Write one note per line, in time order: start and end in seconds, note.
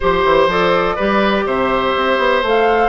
0.00 0.24 F3
0.00 0.49 G4
0.00 0.95 C5
0.00 0.50 C5
0.24 0.47 E3
0.47 0.96 F3
0.47 0.98 A4
0.47 1.47 D5
0.95 1.45 G3
0.95 2.44 G4
0.95 1.44 B4
1.45 1.94 C3
1.45 2.88 C5
1.45 2.44 E5
1.96 2.18 C4
2.18 2.42 B3
2.42 2.88 A3
2.42 2.88 A4
2.42 2.88 F5